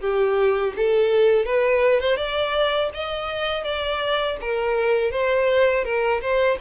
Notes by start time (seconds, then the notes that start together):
0.00 G4
0.76 A4
1.45 B4
2.00 C5
2.17 D5
2.94 D#5
3.64 D5
4.40 A#4
5.11 C5
5.84 A#4
6.21 C5